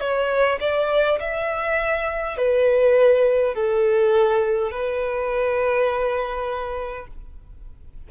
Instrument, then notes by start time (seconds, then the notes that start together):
violin
0.00 C#5
0.60 D5
1.20 E5
2.37 B4
3.55 A4
4.72 B4